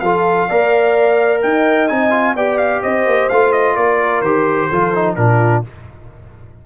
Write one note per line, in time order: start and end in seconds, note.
0.00 0.48 F3
0.00 0.50 F4
0.00 0.48 A4
0.00 1.41 F5
0.48 1.43 A#3
0.48 1.89 A#4
0.48 1.42 D5
1.42 1.90 D#4
1.42 2.35 D#5
1.42 1.88 G5
1.88 2.35 C4
1.88 2.11 D#4
1.88 2.35 G#5
2.11 2.34 F4
2.35 2.82 B3
2.35 3.31 G4
2.35 2.82 D5
2.35 2.58 G5
2.58 2.81 F5
2.82 3.06 C4
2.82 3.75 C5
2.82 3.29 D#5
3.06 3.30 A#3
3.29 3.77 A3
3.29 4.24 F4
3.29 3.52 F5
3.52 3.76 D#5
3.75 4.21 A#3
3.75 4.69 A#4
3.75 4.21 D5
4.21 4.68 D#3
4.21 4.71 G4
4.21 5.15 C5
4.69 5.17 F3
4.69 4.94 F4
4.69 5.16 A4
4.94 5.17 D#4
5.15 5.63 A#2
5.15 5.64 D4
5.15 5.66 F4
5.15 5.62 A#4